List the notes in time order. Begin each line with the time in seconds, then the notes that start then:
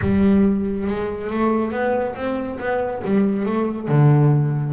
0.01 G3
0.87 G#3
1.30 A3
1.71 B3
2.15 C4
2.59 B3
3.04 G3
3.45 A3
3.88 D3